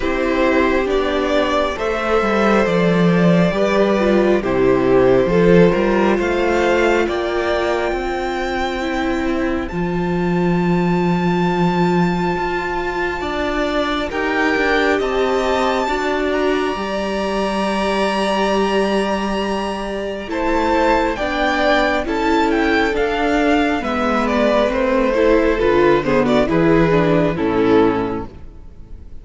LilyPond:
<<
  \new Staff \with { instrumentName = "violin" } { \time 4/4 \tempo 4 = 68 c''4 d''4 e''4 d''4~ | d''4 c''2 f''4 | g''2. a''4~ | a''1 |
g''4 a''4. ais''4.~ | ais''2. a''4 | g''4 a''8 g''8 f''4 e''8 d''8 | c''4 b'8 c''16 d''16 b'4 a'4 | }
  \new Staff \with { instrumentName = "violin" } { \time 4/4 g'2 c''2 | b'4 g'4 a'8 ais'8 c''4 | d''4 c''2.~ | c''2. d''4 |
ais'4 dis''4 d''2~ | d''2. c''4 | d''4 a'2 b'4~ | b'8 a'4 gis'16 fis'16 gis'4 e'4 | }
  \new Staff \with { instrumentName = "viola" } { \time 4/4 e'4 d'4 a'2 | g'8 f'8 e'4 f'2~ | f'2 e'4 f'4~ | f'1 |
g'2 fis'4 g'4~ | g'2. e'4 | d'4 e'4 d'4 b4 | c'8 e'8 f'8 b8 e'8 d'8 cis'4 | }
  \new Staff \with { instrumentName = "cello" } { \time 4/4 c'4 b4 a8 g8 f4 | g4 c4 f8 g8 a4 | ais4 c'2 f4~ | f2 f'4 d'4 |
dis'8 d'8 c'4 d'4 g4~ | g2. a4 | b4 cis'4 d'4 gis4 | a4 d4 e4 a,4 | }
>>